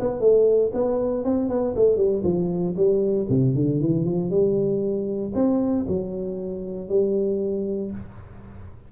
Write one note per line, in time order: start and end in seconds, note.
0.00 0.20 B3
0.20 0.72 A3
0.73 1.24 B3
1.24 1.49 C4
1.49 1.75 B3
1.76 1.97 A3
1.97 2.22 G3
2.24 2.75 F3
2.76 3.28 G3
3.30 3.55 C3
3.55 3.80 D3
3.80 4.04 E3
4.04 4.30 F3
4.30 5.33 G3
5.34 5.86 C4
5.88 6.89 F#3
6.89 7.92 G3